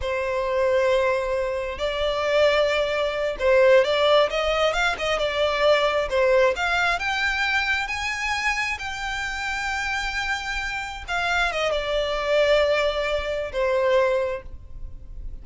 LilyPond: \new Staff \with { instrumentName = "violin" } { \time 4/4 \tempo 4 = 133 c''1 | d''2.~ d''8 c''8~ | c''8 d''4 dis''4 f''8 dis''8 d''8~ | d''4. c''4 f''4 g''8~ |
g''4. gis''2 g''8~ | g''1~ | g''8 f''4 dis''8 d''2~ | d''2 c''2 | }